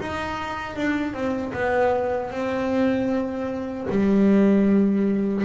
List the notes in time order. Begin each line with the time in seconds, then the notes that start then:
0.00 D#4
0.77 D4
1.14 C4
1.53 B3
2.31 C4
3.90 G3